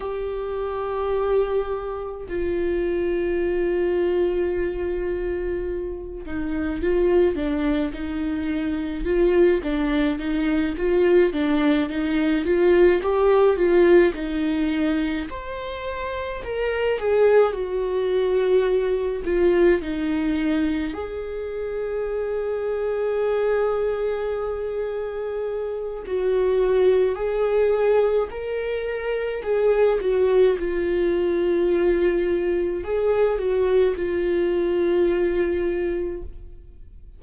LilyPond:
\new Staff \with { instrumentName = "viola" } { \time 4/4 \tempo 4 = 53 g'2 f'2~ | f'4. dis'8 f'8 d'8 dis'4 | f'8 d'8 dis'8 f'8 d'8 dis'8 f'8 g'8 | f'8 dis'4 c''4 ais'8 gis'8 fis'8~ |
fis'4 f'8 dis'4 gis'4.~ | gis'2. fis'4 | gis'4 ais'4 gis'8 fis'8 f'4~ | f'4 gis'8 fis'8 f'2 | }